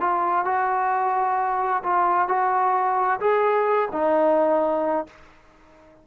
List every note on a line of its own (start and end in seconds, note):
0.00 0.45 F4
0.45 1.82 F#4
1.83 2.28 F4
2.28 3.20 F#4
3.20 3.89 G#4
3.92 5.06 D#4